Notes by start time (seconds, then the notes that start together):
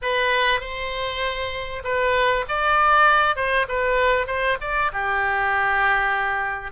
0.02 B4
0.60 C5
1.83 B4
2.48 D5
3.36 C5
3.68 B4
4.26 C5
4.61 D5
4.92 G4